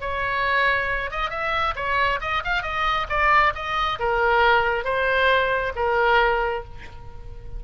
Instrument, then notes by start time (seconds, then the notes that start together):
oboe
0.00 C#5
1.10 D#5
1.30 E5
1.75 C#5
2.21 D#5
2.44 F5
2.62 D#5
3.09 D5
3.54 D#5
3.99 A#4
4.84 C5
5.75 A#4